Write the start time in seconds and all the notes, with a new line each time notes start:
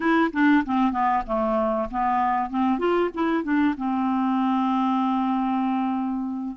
0.00 E4
0.32 D4
0.65 C4
0.91 B3
1.26 A3
1.91 B3
2.50 C4
2.78 F4
3.14 E4
3.43 D4
3.77 C4